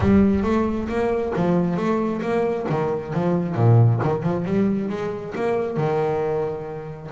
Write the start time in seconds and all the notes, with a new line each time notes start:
0.00 G3
0.43 A3
0.88 A#3
1.36 F3
1.76 A3
2.21 A#3
2.69 D#3
3.13 F3
3.55 A#2
4.02 D#3
4.22 F3
4.45 G3
4.89 G#3
5.35 A#3
5.77 D#3